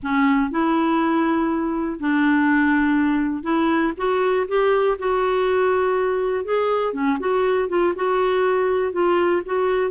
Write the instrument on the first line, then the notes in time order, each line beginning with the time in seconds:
clarinet
0.02 C#4
0.50 E4
1.99 D4
3.43 E4
3.97 F#4
4.47 G4
4.99 F#4
6.44 G#4
6.93 C#4
7.19 F#4
7.69 F4
7.95 F#4
8.92 F4
9.45 F#4